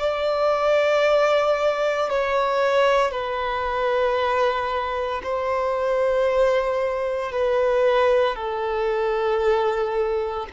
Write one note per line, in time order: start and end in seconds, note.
0.00 2.10 D5
2.10 3.11 C#5
3.11 5.22 B4
5.23 7.32 C5
7.32 8.36 B4
8.36 10.46 A4